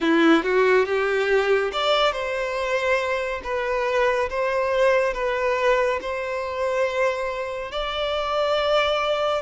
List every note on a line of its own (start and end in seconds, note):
0.00 0.43 E4
0.43 0.85 F#4
0.85 1.71 G4
1.72 2.12 D5
2.12 3.41 C5
3.43 4.29 B4
4.29 5.14 C5
5.14 5.99 B4
6.01 7.71 C5
7.71 9.42 D5